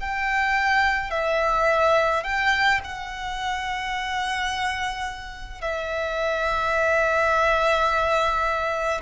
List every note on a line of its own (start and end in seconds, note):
0.00 1.10 G5
1.10 2.23 E5
2.24 2.80 G5
2.84 5.61 F#5
5.61 9.01 E5